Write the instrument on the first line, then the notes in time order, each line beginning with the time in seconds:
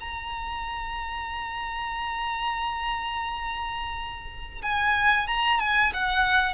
violin
0.00 A#5
4.62 G#5
5.27 A#5
5.59 G#5
5.93 F#5